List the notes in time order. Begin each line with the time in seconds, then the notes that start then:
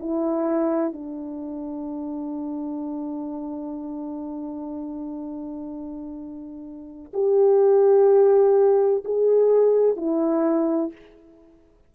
0.00 E4
0.93 D4
7.13 G4
9.05 G#4
9.97 E4